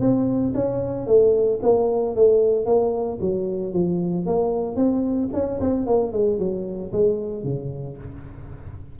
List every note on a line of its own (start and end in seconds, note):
0.00 0.53 C4
0.54 1.07 C#4
1.07 1.60 A3
1.62 2.16 A#3
2.16 2.66 A3
2.66 3.19 A#3
3.21 3.73 F#3
3.73 4.26 F3
4.26 4.76 A#3
4.76 5.29 C4
5.33 5.60 C#4
5.60 5.86 C4
5.86 6.12 A#3
6.12 6.39 G#3
6.39 6.92 F#3
6.92 7.44 G#3
7.44 7.97 C#3